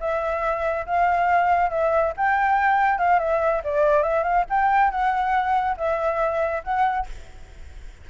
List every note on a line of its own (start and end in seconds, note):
0.00 0.86 E5
0.86 1.70 F5
1.70 2.13 E5
2.17 2.98 G5
2.98 3.19 F5
3.19 3.62 E5
3.64 4.03 D5
4.03 4.24 E5
4.24 4.45 F5
4.50 4.91 G5
4.91 5.77 F#5
5.77 6.63 E5
6.64 7.07 F#5